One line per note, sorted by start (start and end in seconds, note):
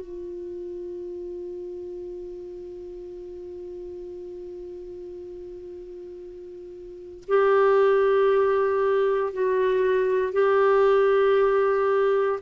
0.00 7.24 F4
7.28 9.33 G4
9.33 10.33 F#4
10.33 12.40 G4